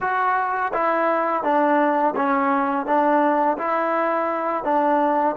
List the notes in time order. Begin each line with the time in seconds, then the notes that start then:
0.00 F#4
0.73 E4
1.43 D4
2.16 C#4
2.85 D4
3.57 E4
4.64 D4